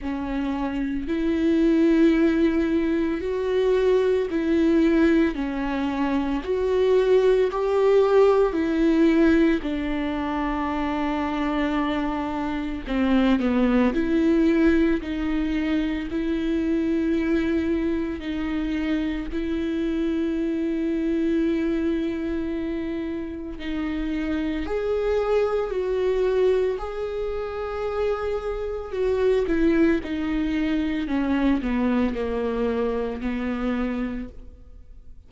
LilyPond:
\new Staff \with { instrumentName = "viola" } { \time 4/4 \tempo 4 = 56 cis'4 e'2 fis'4 | e'4 cis'4 fis'4 g'4 | e'4 d'2. | c'8 b8 e'4 dis'4 e'4~ |
e'4 dis'4 e'2~ | e'2 dis'4 gis'4 | fis'4 gis'2 fis'8 e'8 | dis'4 cis'8 b8 ais4 b4 | }